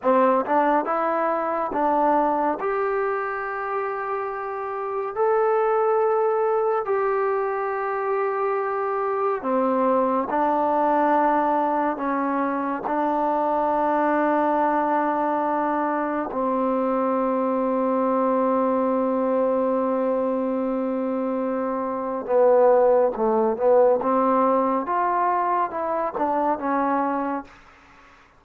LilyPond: \new Staff \with { instrumentName = "trombone" } { \time 4/4 \tempo 4 = 70 c'8 d'8 e'4 d'4 g'4~ | g'2 a'2 | g'2. c'4 | d'2 cis'4 d'4~ |
d'2. c'4~ | c'1~ | c'2 b4 a8 b8 | c'4 f'4 e'8 d'8 cis'4 | }